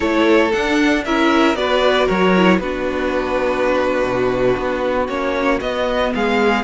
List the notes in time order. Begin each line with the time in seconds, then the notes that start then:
0.00 A3 E4 A4 C#5
0.52 D4 F#5
1.04 C#4 E4 A#4 E5
1.55 B3 F#4 B4 D5
2.06 F#3 A#4 C#5
2.36 E4
2.58 B3 D4 F#4 B4
4.03 B2
4.57 B3
5.08 A#3 C#4 C#5
5.60 B3 D#5
6.14 G#3 G#4 F5